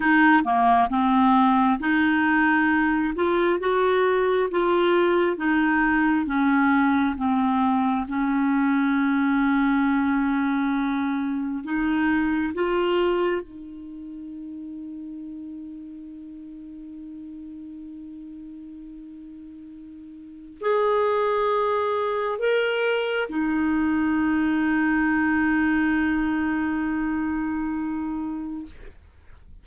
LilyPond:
\new Staff \with { instrumentName = "clarinet" } { \time 4/4 \tempo 4 = 67 dis'8 ais8 c'4 dis'4. f'8 | fis'4 f'4 dis'4 cis'4 | c'4 cis'2.~ | cis'4 dis'4 f'4 dis'4~ |
dis'1~ | dis'2. gis'4~ | gis'4 ais'4 dis'2~ | dis'1 | }